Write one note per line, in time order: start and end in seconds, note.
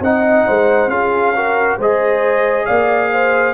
0.00 0.44 C4
0.00 0.90 D#4
0.00 0.47 D#5
0.00 0.89 F#5
0.47 0.87 G#3
0.47 0.91 C5
0.87 1.75 C#4
0.87 1.34 F4
0.87 1.35 G#4
0.87 1.77 F5
1.35 1.79 F#4
1.35 1.77 A#4
1.77 2.66 G#3
1.77 3.53 G#4
1.77 2.65 C5
1.77 2.65 D#5
2.65 3.53 A#3
2.65 3.09 D5
2.65 3.53 F5
3.12 3.53 C5